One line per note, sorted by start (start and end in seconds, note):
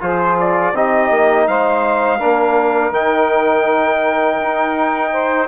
0.00 0.73 F3
0.00 0.73 F4
0.00 0.72 G#4
0.00 0.37 C5
0.40 0.76 D5
0.72 1.09 C4
0.72 2.19 D#4
0.72 1.45 G4
0.72 1.47 D#5
1.10 1.46 A#3
1.47 2.20 G#3
1.47 2.18 C5
1.47 2.93 F5
2.18 2.91 A#3
2.18 2.92 D4
2.18 5.11 A#4
2.91 4.37 D#3
2.91 5.48 D#4
2.91 5.48 G5
4.41 5.48 D#4
5.12 5.48 C5